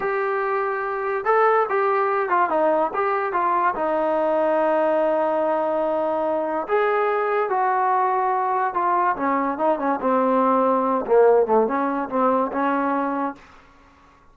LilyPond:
\new Staff \with { instrumentName = "trombone" } { \time 4/4 \tempo 4 = 144 g'2. a'4 | g'4. f'8 dis'4 g'4 | f'4 dis'2.~ | dis'1 |
gis'2 fis'2~ | fis'4 f'4 cis'4 dis'8 cis'8 | c'2~ c'8 ais4 a8 | cis'4 c'4 cis'2 | }